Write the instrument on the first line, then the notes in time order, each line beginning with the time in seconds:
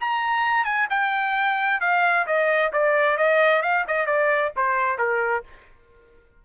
trumpet
0.00 A#5
0.64 G#5
0.89 G5
1.80 F5
2.26 D#5
2.72 D5
3.17 D#5
3.62 F5
3.87 D#5
4.06 D5
4.56 C5
4.98 A#4